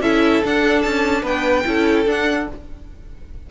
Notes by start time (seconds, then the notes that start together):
0.00 C#4 E4 A4 E5
0.44 D4 F#5
0.82 C#4 A5
1.23 B3 B4 G5
1.65 C#4 E4 A4
2.06 D4 F#5